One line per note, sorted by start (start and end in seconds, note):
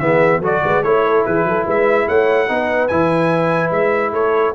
0.00 0.40 E3
0.00 0.43 B3
0.00 0.41 G#4
0.00 0.41 E5
0.40 0.60 F#3
0.40 0.85 F#4
0.40 0.61 A4
0.40 0.83 D5
0.64 0.84 G#3
0.64 0.85 B4
0.83 1.25 A3
0.83 2.48 E4
0.83 1.25 C#5
0.83 1.06 C#5
1.06 1.27 A4
1.26 1.45 E3
1.26 1.47 G#4
1.26 1.67 B4
1.45 1.65 F#3
1.45 1.66 A4
1.66 2.08 G#3
1.66 2.07 B4
1.66 2.09 E5
2.08 2.50 A3
2.08 2.49 C#5
2.08 2.88 F#5
2.48 2.91 B3
2.48 2.90 D#4
2.48 4.14 B4
2.88 3.71 E3
2.88 4.55 E4
2.88 3.70 G#5
3.71 4.12 G#3
3.71 4.13 E5
4.13 4.54 A3
4.13 4.55 A4
4.13 4.55 C#5